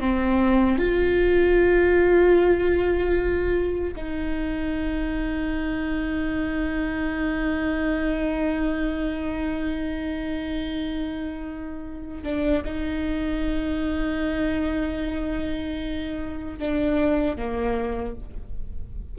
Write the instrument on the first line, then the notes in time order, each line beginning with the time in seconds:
viola
0.00 C4
0.78 F4
3.96 D#4
12.23 D4
12.65 D#4
16.59 D4
17.36 A#3